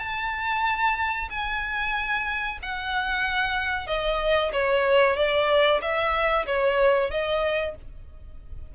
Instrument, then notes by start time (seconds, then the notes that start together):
violin
0.00 A5
1.30 G#5
2.63 F#5
3.87 D#5
4.53 C#5
5.16 D5
5.82 E5
6.46 C#5
7.11 D#5